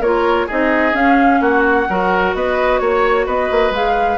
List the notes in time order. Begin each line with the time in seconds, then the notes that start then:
0.00 A#3 F4 A#4 C#5
0.47 C4 D#4 G#4 D#5
0.93 C#4 F5
1.41 A#3 F#4 F#5
1.89 F#3 F#4 A#4
2.34 B3 B4 D#5
2.79 A#3 C#5
3.26 B3 B4 D#5
3.51 A#3
3.71 G#3 G#4 F5